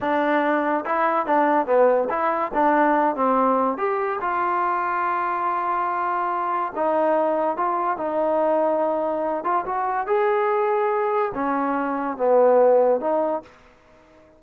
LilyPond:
\new Staff \with { instrumentName = "trombone" } { \time 4/4 \tempo 4 = 143 d'2 e'4 d'4 | b4 e'4 d'4. c'8~ | c'4 g'4 f'2~ | f'1 |
dis'2 f'4 dis'4~ | dis'2~ dis'8 f'8 fis'4 | gis'2. cis'4~ | cis'4 b2 dis'4 | }